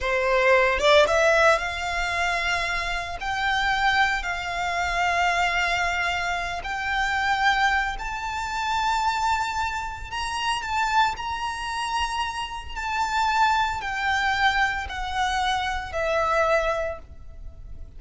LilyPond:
\new Staff \with { instrumentName = "violin" } { \time 4/4 \tempo 4 = 113 c''4. d''8 e''4 f''4~ | f''2 g''2 | f''1~ | f''8 g''2~ g''8 a''4~ |
a''2. ais''4 | a''4 ais''2. | a''2 g''2 | fis''2 e''2 | }